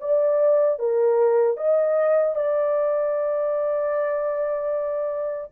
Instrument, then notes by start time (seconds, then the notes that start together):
horn
0.00 D5
0.79 A#4
1.57 D#5
2.35 D5